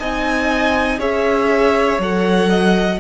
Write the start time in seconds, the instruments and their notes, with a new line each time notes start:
0.00 cello C4, viola D#4, violin D#5 G#5
1.00 cello C#4, viola G#4, violin C#5 E5
1.99 cello F#3, viola A4, violin F#5
2.50 violin D#5